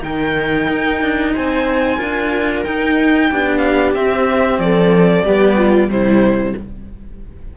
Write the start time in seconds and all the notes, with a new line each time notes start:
0.00 D#3 D#4 A#4 G5
0.69 D#4
1.01 D4
1.33 C4 C5 G#5
1.97 D4 F4 A#4
2.63 D#4 G5
3.30 B3 D4 G4
3.57 F5
3.94 C4 E5
4.58 F3 A4 D5
5.24 G3 B3 G4
5.57 F4
5.88 C3 G3 E4 C5